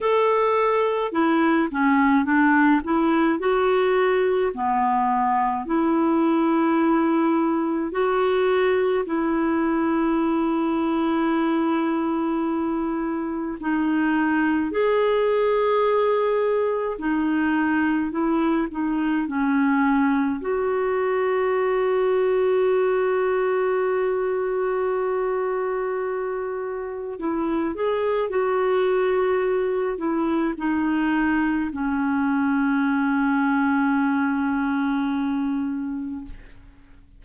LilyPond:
\new Staff \with { instrumentName = "clarinet" } { \time 4/4 \tempo 4 = 53 a'4 e'8 cis'8 d'8 e'8 fis'4 | b4 e'2 fis'4 | e'1 | dis'4 gis'2 dis'4 |
e'8 dis'8 cis'4 fis'2~ | fis'1 | e'8 gis'8 fis'4. e'8 dis'4 | cis'1 | }